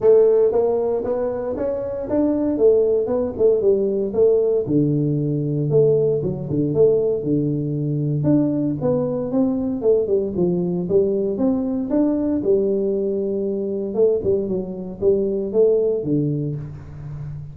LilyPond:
\new Staff \with { instrumentName = "tuba" } { \time 4/4 \tempo 4 = 116 a4 ais4 b4 cis'4 | d'4 a4 b8 a8 g4 | a4 d2 a4 | fis8 d8 a4 d2 |
d'4 b4 c'4 a8 g8 | f4 g4 c'4 d'4 | g2. a8 g8 | fis4 g4 a4 d4 | }